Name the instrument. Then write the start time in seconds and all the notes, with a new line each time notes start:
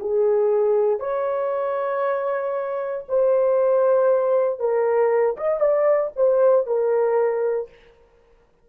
horn
0.00 G#4
1.00 C#5
3.08 C5
4.59 A#4
5.37 D#5
5.60 D5
6.16 C5
6.66 A#4